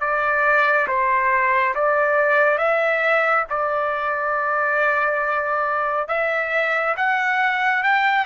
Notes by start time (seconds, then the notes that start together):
0.00 D5
0.87 C5
1.75 D5
2.58 E5
3.49 D5
6.08 E5
6.97 F#5
7.83 G5